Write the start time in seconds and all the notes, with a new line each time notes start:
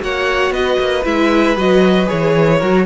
0.00 A#3 F#4 C#5 F#5
0.51 B3 B4 D#5
0.80 A#3
1.04 G#3 E4 E5
1.57 F#3 F#4 D#5
2.06 E3 G#4 C#5
2.58 F#3 F#4 A#4